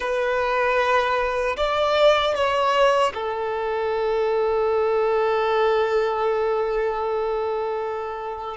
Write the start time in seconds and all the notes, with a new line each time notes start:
0.00 B4
1.56 D5
2.34 C#5
3.14 A4